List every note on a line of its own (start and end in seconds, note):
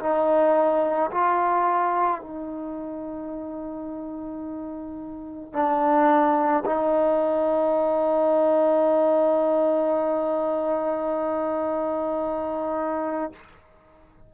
0.00 1.11 D#4
1.12 2.22 F4
2.22 5.53 D#4
5.53 6.64 D4
6.66 13.32 D#4